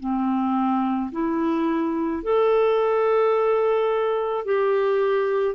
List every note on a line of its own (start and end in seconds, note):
0.00 1.11 C4
1.12 2.23 E4
2.23 4.45 A4
4.45 5.55 G4